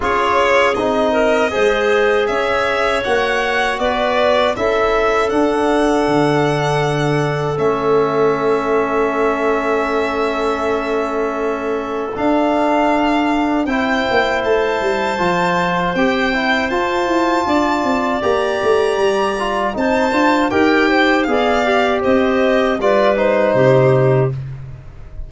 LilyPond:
<<
  \new Staff \with { instrumentName = "violin" } { \time 4/4 \tempo 4 = 79 cis''4 dis''2 e''4 | fis''4 d''4 e''4 fis''4~ | fis''2 e''2~ | e''1 |
f''2 g''4 a''4~ | a''4 g''4 a''2 | ais''2 a''4 g''4 | f''4 dis''4 d''8 c''4. | }
  \new Staff \with { instrumentName = "clarinet" } { \time 4/4 gis'4. ais'8 c''4 cis''4~ | cis''4 b'4 a'2~ | a'1~ | a'1~ |
a'2 c''2~ | c''2. d''4~ | d''2 c''4 ais'8 c''8 | d''4 c''4 b'4 g'4 | }
  \new Staff \with { instrumentName = "trombone" } { \time 4/4 f'4 dis'4 gis'2 | fis'2 e'4 d'4~ | d'2 cis'2~ | cis'1 |
d'2 e'2 | f'4 g'8 e'8 f'2 | g'4. f'8 dis'8 f'8 g'4 | gis'8 g'4. f'8 dis'4. | }
  \new Staff \with { instrumentName = "tuba" } { \time 4/4 cis'4 c'4 gis4 cis'4 | ais4 b4 cis'4 d'4 | d2 a2~ | a1 |
d'2 c'8 ais8 a8 g8 | f4 c'4 f'8 e'8 d'8 c'8 | ais8 a8 g4 c'8 d'8 dis'4 | b4 c'4 g4 c4 | }
>>